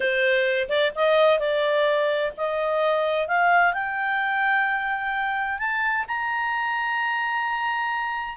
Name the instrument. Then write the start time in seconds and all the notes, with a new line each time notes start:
clarinet
0.00 C5
0.68 D5
0.95 D#5
1.39 D5
2.37 D#5
3.27 F5
3.73 G5
5.58 A5
6.07 A#5